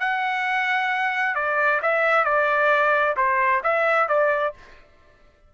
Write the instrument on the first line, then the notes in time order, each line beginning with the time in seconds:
trumpet
0.00 F#5
1.35 D5
1.83 E5
2.25 D5
3.17 C5
3.64 E5
4.09 D5